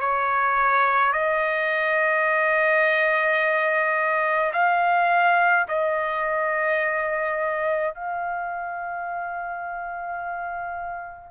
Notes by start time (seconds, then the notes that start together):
0.00 C#5
1.13 D#5
4.53 F5
5.68 D#5
7.95 F5